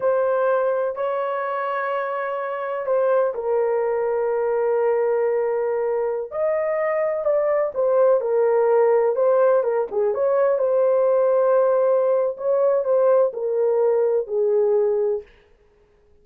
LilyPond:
\new Staff \with { instrumentName = "horn" } { \time 4/4 \tempo 4 = 126 c''2 cis''2~ | cis''2 c''4 ais'4~ | ais'1~ | ais'4~ ais'16 dis''2 d''8.~ |
d''16 c''4 ais'2 c''8.~ | c''16 ais'8 gis'8 cis''4 c''4.~ c''16~ | c''2 cis''4 c''4 | ais'2 gis'2 | }